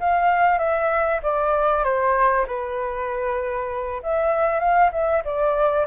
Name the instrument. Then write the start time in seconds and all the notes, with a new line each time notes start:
flute
0.00 F5
0.59 E5
1.23 D5
1.84 C5
2.47 B4
4.03 E5
4.60 F5
4.93 E5
5.25 D5